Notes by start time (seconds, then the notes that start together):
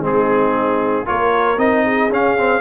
0.00 G#3 C4 D#4 G#4
1.05 A#3 F4 A#4 C#5
1.57 C4 D#4 D#5
1.84 G#4
2.09 C#4 F5
2.37 C4